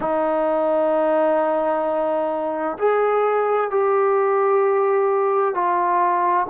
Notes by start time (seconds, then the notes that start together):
0.00 D#4
2.78 G#4
3.70 G4
5.54 F4